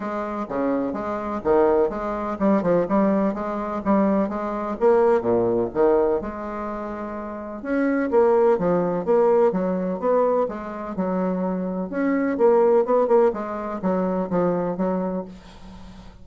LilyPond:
\new Staff \with { instrumentName = "bassoon" } { \time 4/4 \tempo 4 = 126 gis4 cis4 gis4 dis4 | gis4 g8 f8 g4 gis4 | g4 gis4 ais4 ais,4 | dis4 gis2. |
cis'4 ais4 f4 ais4 | fis4 b4 gis4 fis4~ | fis4 cis'4 ais4 b8 ais8 | gis4 fis4 f4 fis4 | }